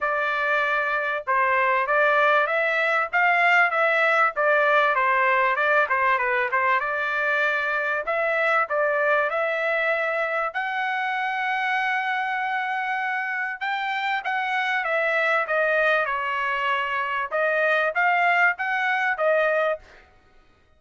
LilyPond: \new Staff \with { instrumentName = "trumpet" } { \time 4/4 \tempo 4 = 97 d''2 c''4 d''4 | e''4 f''4 e''4 d''4 | c''4 d''8 c''8 b'8 c''8 d''4~ | d''4 e''4 d''4 e''4~ |
e''4 fis''2.~ | fis''2 g''4 fis''4 | e''4 dis''4 cis''2 | dis''4 f''4 fis''4 dis''4 | }